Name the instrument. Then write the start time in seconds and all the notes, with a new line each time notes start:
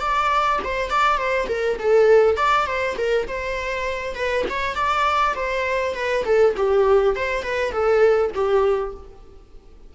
viola
0.00 D5
0.64 C5
0.90 D5
1.18 C5
1.49 A#4
1.78 A4
2.37 D5
2.67 C5
2.97 A#4
3.28 C5
4.15 B4
4.50 C#5
4.75 D5
5.35 C5
5.95 B4
6.25 A4
6.56 G4
7.16 C5
7.43 B4
7.72 A4
8.34 G4